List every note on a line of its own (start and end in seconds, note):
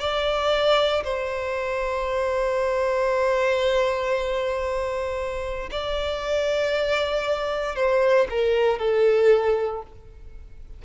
0.00 1.03 D5
1.04 5.70 C5
5.72 7.76 D5
7.76 8.28 C5
8.31 8.79 A#4
8.79 9.83 A4